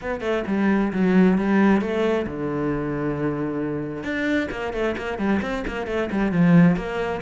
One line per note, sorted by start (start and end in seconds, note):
0.01 0.20 B3
0.20 0.43 A3
0.47 0.92 G3
0.92 1.37 F#3
1.38 1.81 G3
1.81 2.26 A3
2.26 4.03 D3
4.03 4.48 D4
4.51 4.73 A#3
4.73 4.95 A3
4.97 5.18 A#3
5.18 5.40 G3
5.42 5.64 C4
5.67 5.86 A#3
5.86 6.09 A3
6.11 6.32 G3
6.32 6.76 F3
6.76 7.21 A#3